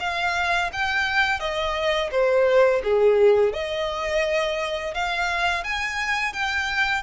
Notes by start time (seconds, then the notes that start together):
0.00 F5
0.73 G5
1.40 D#5
2.11 C5
2.84 G#4
3.53 D#5
4.94 F5
5.64 G#5
6.33 G5